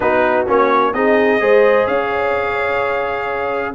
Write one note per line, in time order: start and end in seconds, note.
0.00 0.47 B3
0.00 0.46 D#4
0.00 0.93 F#4
0.00 0.46 B4
0.46 0.94 A#3
0.46 0.93 C#4
0.46 0.93 C#5
0.93 1.40 C4
0.93 1.40 D#4
0.93 1.41 G#4
0.93 1.86 D#5
1.40 1.87 G#3
1.40 3.74 G#4
1.40 1.87 C5
1.86 3.74 C#4
1.86 3.74 C#5
1.86 3.74 F5